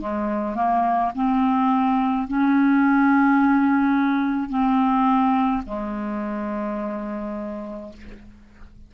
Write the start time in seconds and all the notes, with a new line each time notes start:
0.00 G#3
0.55 A#3
1.15 C4
2.28 C#4
4.50 C4
5.66 G#3